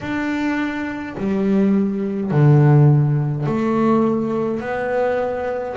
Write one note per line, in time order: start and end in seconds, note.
0.00 1.15 D4
1.17 2.31 G3
2.31 3.46 D3
3.46 4.60 A3
4.60 5.75 B3